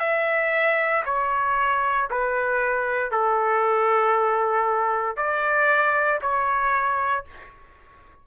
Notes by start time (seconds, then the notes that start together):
0.00 E5
1.06 C#5
2.11 B4
3.12 A4
5.17 D5
6.22 C#5